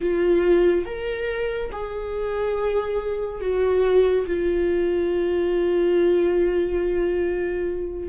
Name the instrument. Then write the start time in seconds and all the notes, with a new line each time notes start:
viola
0.01 F4
0.85 A#4
1.72 G#4
3.40 F#4
4.26 F4